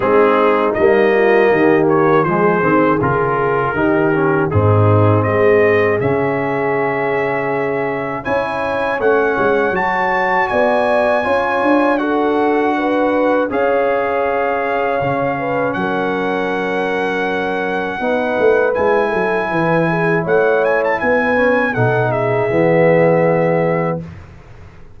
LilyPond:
<<
  \new Staff \with { instrumentName = "trumpet" } { \time 4/4 \tempo 4 = 80 gis'4 dis''4. cis''8 c''4 | ais'2 gis'4 dis''4 | e''2. gis''4 | fis''4 a''4 gis''2 |
fis''2 f''2~ | f''4 fis''2.~ | fis''4 gis''2 fis''8 gis''16 a''16 | gis''4 fis''8 e''2~ e''8 | }
  \new Staff \with { instrumentName = "horn" } { \time 4/4 dis'4. f'8 g'4 gis'4~ | gis'4 g'4 dis'4 gis'4~ | gis'2. cis''4~ | cis''2 d''4 cis''4 |
a'4 b'4 cis''2~ | cis''8 b'8 ais'2. | b'4. a'8 b'8 gis'8 cis''4 | b'4 a'8 gis'2~ gis'8 | }
  \new Staff \with { instrumentName = "trombone" } { \time 4/4 c'4 ais2 gis8 c'8 | f'4 dis'8 cis'8 c'2 | cis'2. e'4 | cis'4 fis'2 f'4 |
fis'2 gis'2 | cis'1 | dis'4 e'2.~ | e'8 cis'8 dis'4 b2 | }
  \new Staff \with { instrumentName = "tuba" } { \time 4/4 gis4 g4 dis4 f8 dis8 | cis4 dis4 gis,4 gis4 | cis2. cis'4 | a8 gis8 fis4 b4 cis'8 d'8~ |
d'2 cis'2 | cis4 fis2. | b8 a8 gis8 fis8 e4 a4 | b4 b,4 e2 | }
>>